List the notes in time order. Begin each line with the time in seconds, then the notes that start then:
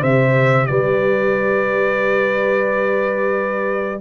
0.00 C3 G4 C5 E5
0.66 G3 B4 D5